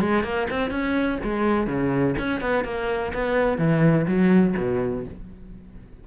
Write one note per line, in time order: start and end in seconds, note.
0.00 0.24 G#3
0.24 0.48 A#3
0.50 0.70 C4
0.70 1.18 C#4
1.23 1.67 G#3
1.67 2.15 C#3
2.18 2.41 C#4
2.41 2.64 B3
2.64 3.12 A#3
3.14 3.58 B3
3.58 4.06 E3
4.07 4.55 F#3
4.57 5.05 B2